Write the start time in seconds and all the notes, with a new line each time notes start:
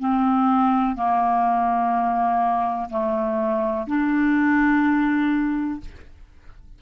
0.00 C4
0.96 A#3
2.90 A3
3.87 D4